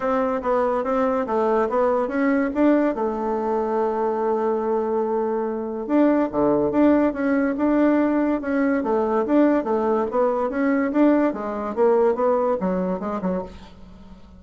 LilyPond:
\new Staff \with { instrumentName = "bassoon" } { \time 4/4 \tempo 4 = 143 c'4 b4 c'4 a4 | b4 cis'4 d'4 a4~ | a1~ | a2 d'4 d4 |
d'4 cis'4 d'2 | cis'4 a4 d'4 a4 | b4 cis'4 d'4 gis4 | ais4 b4 fis4 gis8 fis8 | }